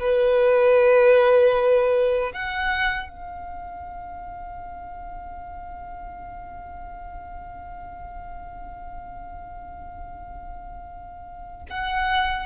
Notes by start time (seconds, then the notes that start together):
0.00 B4
2.33 F#5
3.09 F5
11.71 F#5